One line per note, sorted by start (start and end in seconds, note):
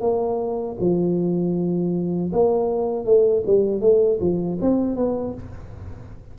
0.00 0.76 A#3
0.79 2.31 F3
2.32 3.04 A#3
3.04 3.42 A3
3.46 3.80 G3
3.80 4.18 A3
4.20 4.58 F3
4.61 4.95 C4
4.95 5.33 B3